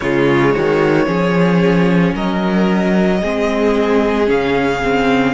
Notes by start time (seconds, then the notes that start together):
0.00 C#3 G#3 F4 C#5
0.52 D#3 F#4
1.05 F3 C#4 G#4
2.14 F#3 A#4 D#5
3.20 G#3 C4 G#4
4.26 C#3 C#4 F5
4.83 C4